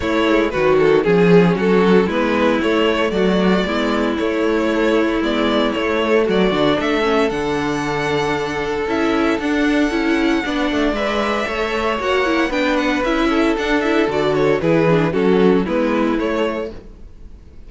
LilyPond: <<
  \new Staff \with { instrumentName = "violin" } { \time 4/4 \tempo 4 = 115 cis''4 b'8 a'8 gis'4 a'4 | b'4 cis''4 d''2 | cis''2 d''4 cis''4 | d''4 e''4 fis''2~ |
fis''4 e''4 fis''2~ | fis''4 e''2 fis''4 | g''8 fis''8 e''4 fis''8 e''8 d''8 cis''8 | b'4 a'4 b'4 cis''4 | }
  \new Staff \with { instrumentName = "violin" } { \time 4/4 e'4 fis'4 gis'4 fis'4 | e'2 fis'4 e'4~ | e'1 | fis'4 a'2.~ |
a'1 | d''2 cis''2 | b'4. a'2~ a'8 | gis'4 fis'4 e'2 | }
  \new Staff \with { instrumentName = "viola" } { \time 4/4 a8 gis8 fis4 cis'2 | b4 a2 b4 | a2 b4 a4~ | a8 d'4 cis'8 d'2~ |
d'4 e'4 d'4 e'4 | d'4 b'4 a'4 fis'8 e'8 | d'4 e'4 d'8 e'8 fis'4 | e'8 d'8 cis'4 b4 a4 | }
  \new Staff \with { instrumentName = "cello" } { \time 4/4 a4 dis4 f4 fis4 | gis4 a4 fis4 gis4 | a2 gis4 a4 | fis8 d8 a4 d2~ |
d4 cis'4 d'4 cis'4 | b8 a8 gis4 a4 ais4 | b4 cis'4 d'4 d4 | e4 fis4 gis4 a4 | }
>>